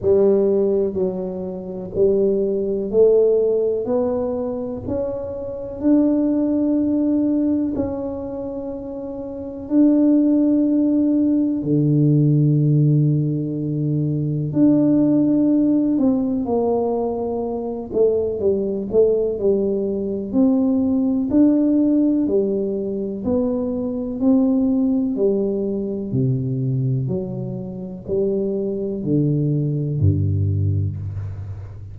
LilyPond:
\new Staff \with { instrumentName = "tuba" } { \time 4/4 \tempo 4 = 62 g4 fis4 g4 a4 | b4 cis'4 d'2 | cis'2 d'2 | d2. d'4~ |
d'8 c'8 ais4. a8 g8 a8 | g4 c'4 d'4 g4 | b4 c'4 g4 c4 | fis4 g4 d4 g,4 | }